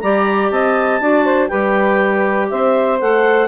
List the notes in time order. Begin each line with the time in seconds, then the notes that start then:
0.00 G3 G4 D5 A#5
0.51 C4 D#5 A5
1.01 D4 F#4 D5
1.24 C5
1.49 G3 G4 B4 G5
2.49 C4 C5 E5
3.00 A3 A4 F#5